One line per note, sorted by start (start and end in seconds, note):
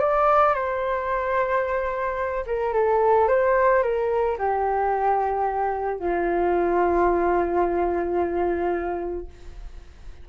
0.00 0.54 D5
0.54 2.45 C5
2.47 2.74 A#4
2.74 3.28 A4
3.29 3.83 C5
3.83 4.38 A#4
4.39 6.00 G4
6.00 9.28 F4